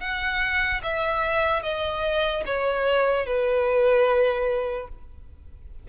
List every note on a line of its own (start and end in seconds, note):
0.00 0.81 F#5
0.83 1.63 E5
1.63 2.44 D#5
2.46 3.26 C#5
3.26 4.88 B4